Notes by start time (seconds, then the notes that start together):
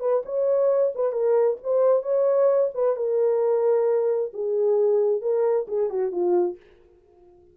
0.00 B4
0.26 C#5
0.95 B4
1.13 A#4
1.63 C5
2.03 C#5
2.74 B4
2.97 A#4
4.33 G#4
5.21 A#4
5.68 G#4
5.90 F#4
6.12 F4